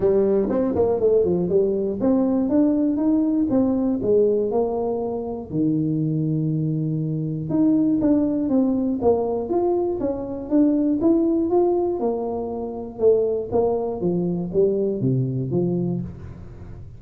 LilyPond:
\new Staff \with { instrumentName = "tuba" } { \time 4/4 \tempo 4 = 120 g4 c'8 ais8 a8 f8 g4 | c'4 d'4 dis'4 c'4 | gis4 ais2 dis4~ | dis2. dis'4 |
d'4 c'4 ais4 f'4 | cis'4 d'4 e'4 f'4 | ais2 a4 ais4 | f4 g4 c4 f4 | }